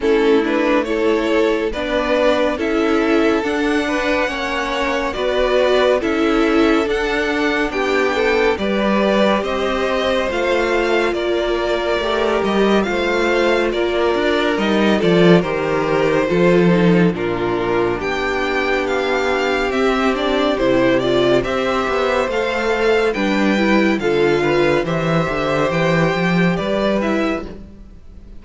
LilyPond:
<<
  \new Staff \with { instrumentName = "violin" } { \time 4/4 \tempo 4 = 70 a'8 b'8 cis''4 d''4 e''4 | fis''2 d''4 e''4 | fis''4 g''4 d''4 dis''4 | f''4 d''4. dis''8 f''4 |
d''4 dis''8 d''8 c''2 | ais'4 g''4 f''4 e''8 d''8 | c''8 d''8 e''4 f''4 g''4 | f''4 e''4 g''4 d''8 e''8 | }
  \new Staff \with { instrumentName = "violin" } { \time 4/4 e'4 a'4 b'4 a'4~ | a'8 b'8 cis''4 b'4 a'4~ | a'4 g'8 a'8 b'4 c''4~ | c''4 ais'2 c''4 |
ais'4. a'8 ais'4 a'4 | f'4 g'2.~ | g'4 c''2 b'4 | a'8 b'8 c''2 b'4 | }
  \new Staff \with { instrumentName = "viola" } { \time 4/4 cis'8 d'8 e'4 d'4 e'4 | d'4 cis'4 fis'4 e'4 | d'2 g'2 | f'2 g'4 f'4~ |
f'4 dis'8 f'8 g'4 f'8 dis'8 | d'2. c'8 d'8 | e'8 f'8 g'4 a'4 d'8 e'8 | f'4 g'2~ g'8 e'8 | }
  \new Staff \with { instrumentName = "cello" } { \time 4/4 a2 b4 cis'4 | d'4 ais4 b4 cis'4 | d'4 b4 g4 c'4 | a4 ais4 a8 g8 a4 |
ais8 d'8 g8 f8 dis4 f4 | ais,4 b2 c'4 | c4 c'8 b8 a4 g4 | d4 e8 d8 e8 f8 g4 | }
>>